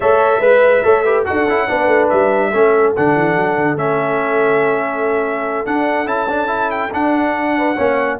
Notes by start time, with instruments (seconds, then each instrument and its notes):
0.00 tuba A3, trombone A4, horn C#5, trumpet E5
0.39 tuba G#3, horn B4, trombone B4
0.83 tuba A3, trombone A4, horn C#5
1.04 trombone G4, horn B4
1.25 tuba D4, trombone F#4, horn A4, trumpet F#5
1.47 tuba C#4, trombone E4
1.68 tuba B3, trombone D4, horn B4
1.87 tuba A3
2.09 tuba G3, trumpet E5
2.50 tuba A3, trombone C#4, horn A4
2.96 tuba D3, trombone D4, trumpet F#5
3.15 tuba E3
3.35 tuba F#3
3.56 tuba D3
3.77 tuba A3, trombone C#4, trumpet E5
5.65 trombone D4, tuba D4, trumpet F#5
6.06 tuba C#4, trombone E4, trumpet A5
6.29 trombone D4
6.47 trombone E4
6.70 trumpet G5
6.92 trombone D4, tuba D4, trumpet F#5
7.57 horn B4
7.76 tuba A#3, trombone C#4, horn C#5